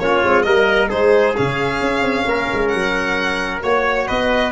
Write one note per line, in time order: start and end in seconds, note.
0.00 0.23 A#3
0.00 0.24 C#4
0.00 0.46 F4
0.00 0.43 C#5
0.23 0.46 G#3
0.23 0.46 C4
0.43 0.91 G3
0.43 0.89 A#3
0.43 0.89 A#4
0.43 0.88 D#5
0.89 1.38 G#3
0.89 1.35 D#4
0.89 2.26 G#4
0.89 1.36 C5
1.37 1.81 C#3
1.37 3.63 C#4
1.37 2.68 F5
1.81 2.02 C#4
2.02 2.25 C4
2.26 2.48 A#3
2.26 3.64 A#4
2.53 2.74 G#3
2.68 3.63 F#3
2.68 3.59 F#5
3.63 4.09 A#3
3.63 4.52 F#4
3.63 4.08 C#5
4.08 4.52 B3
4.08 4.52 B4
4.08 4.52 D#5